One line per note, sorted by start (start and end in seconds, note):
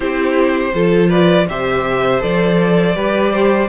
0.00 0.73 C4
0.00 0.72 E4
0.00 0.71 G4
0.00 1.10 C5
0.74 1.48 F3
0.74 1.48 F4
0.74 1.09 A4
1.09 1.46 B4
1.09 1.47 D5
1.48 2.22 C3
1.48 2.20 G4
1.48 2.96 C5
1.48 2.22 E5
2.20 2.95 F3
2.20 2.94 A4
2.20 3.68 D5
2.94 3.68 G3
2.94 3.68 G4
2.94 3.32 B4
3.32 3.68 C5